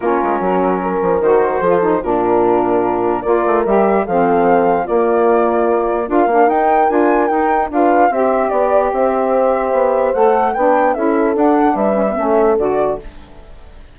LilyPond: <<
  \new Staff \with { instrumentName = "flute" } { \time 4/4 \tempo 4 = 148 ais'2. c''4~ | c''4 ais'2. | d''4 e''4 f''2 | d''2. f''4 |
g''4 gis''4 g''4 f''4 | e''4 d''4 e''2~ | e''4 fis''4 g''4 e''4 | fis''4 e''2 d''4 | }
  \new Staff \with { instrumentName = "horn" } { \time 4/4 f'4 fis'4 ais'2 | a'4 f'2. | ais'2 a'2 | f'2. ais'4~ |
ais'2. b'4 | c''4 d''4 c''2~ | c''2 b'4 a'4~ | a'4 b'4 a'2 | }
  \new Staff \with { instrumentName = "saxophone" } { \time 4/4 cis'2. fis'4 | f'8 dis'8 d'2. | f'4 g'4 c'2 | ais2. f'8 d'8 |
dis'4 f'4 dis'4 f'4 | g'1~ | g'4 a'4 d'4 e'4 | d'4. cis'16 b16 cis'4 fis'4 | }
  \new Staff \with { instrumentName = "bassoon" } { \time 4/4 ais8 gis8 fis4. f8 dis4 | f4 ais,2. | ais8 a8 g4 f2 | ais2. d'8 ais8 |
dis'4 d'4 dis'4 d'4 | c'4 b4 c'2 | b4 a4 b4 cis'4 | d'4 g4 a4 d4 | }
>>